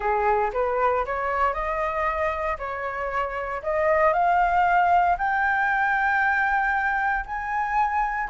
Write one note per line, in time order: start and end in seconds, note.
0.00 0.50 G#4
0.53 1.05 B4
1.05 1.53 C#5
1.53 2.57 D#5
2.58 3.62 C#5
3.62 4.13 D#5
4.13 5.16 F5
5.18 7.25 G5
7.25 8.29 G#5